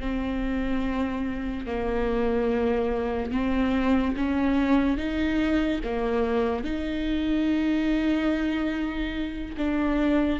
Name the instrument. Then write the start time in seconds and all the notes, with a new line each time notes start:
viola
0.00 C4
1.66 A#3
3.32 C4
4.16 C#4
4.97 D#4
5.84 A#3
6.64 D#4
9.57 D4